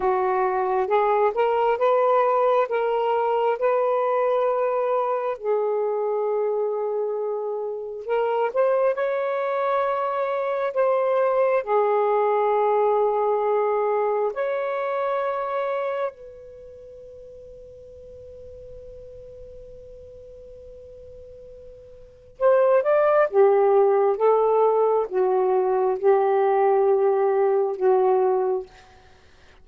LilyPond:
\new Staff \with { instrumentName = "saxophone" } { \time 4/4 \tempo 4 = 67 fis'4 gis'8 ais'8 b'4 ais'4 | b'2 gis'2~ | gis'4 ais'8 c''8 cis''2 | c''4 gis'2. |
cis''2 b'2~ | b'1~ | b'4 c''8 d''8 g'4 a'4 | fis'4 g'2 fis'4 | }